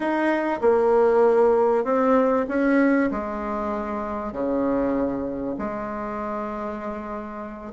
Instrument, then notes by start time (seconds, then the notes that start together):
bassoon
0.00 D#4
0.61 A#3
1.84 C4
2.48 C#4
3.11 G#3
4.32 C#3
5.58 G#3